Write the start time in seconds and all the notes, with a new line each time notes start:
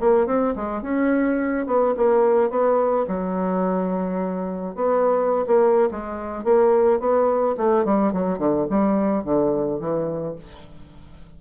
0.00 A#3
0.27 C4
0.56 G#3
0.82 C#4
1.66 B3
1.97 A#3
2.50 B3
3.08 F#3
4.75 B3
5.47 A#3
5.91 G#3
6.44 A#3
7.00 B3
7.57 A3
7.85 G3
8.13 F#3
8.39 D3
8.70 G3
9.24 D3
9.80 E3